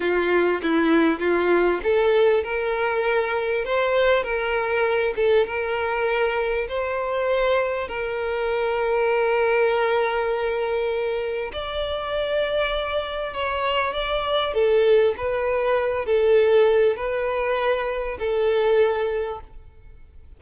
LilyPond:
\new Staff \with { instrumentName = "violin" } { \time 4/4 \tempo 4 = 99 f'4 e'4 f'4 a'4 | ais'2 c''4 ais'4~ | ais'8 a'8 ais'2 c''4~ | c''4 ais'2.~ |
ais'2. d''4~ | d''2 cis''4 d''4 | a'4 b'4. a'4. | b'2 a'2 | }